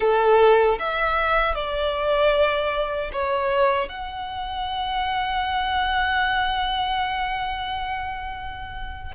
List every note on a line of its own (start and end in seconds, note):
0.00 0.78 A4
0.79 1.54 E5
1.54 3.10 D5
3.12 3.89 C#5
3.89 9.15 F#5